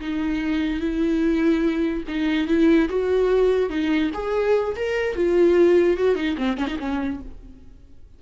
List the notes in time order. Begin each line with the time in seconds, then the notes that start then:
0.00 D#4
0.80 E4
2.07 D#4
2.47 E4
2.89 F#4
3.69 D#4
4.13 G#4
4.75 A#4
5.16 F4
5.97 F#4
6.15 D#4
6.37 C4
6.57 C#4
6.67 D#4
6.79 C#4